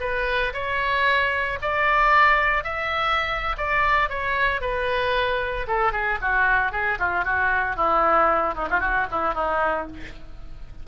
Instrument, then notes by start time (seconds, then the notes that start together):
oboe
0.00 B4
0.53 C#5
1.61 D5
2.64 E5
3.57 D5
4.09 C#5
4.61 B4
5.67 A4
5.92 G#4
6.21 F#4
6.72 G#4
6.99 F4
7.24 F#4
7.76 E4
8.54 D#4
8.70 F4
8.80 F#4
9.11 E4
9.34 D#4